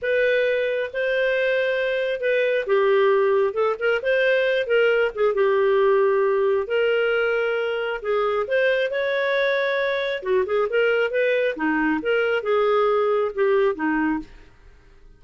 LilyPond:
\new Staff \with { instrumentName = "clarinet" } { \time 4/4 \tempo 4 = 135 b'2 c''2~ | c''4 b'4 g'2 | a'8 ais'8 c''4. ais'4 gis'8 | g'2. ais'4~ |
ais'2 gis'4 c''4 | cis''2. fis'8 gis'8 | ais'4 b'4 dis'4 ais'4 | gis'2 g'4 dis'4 | }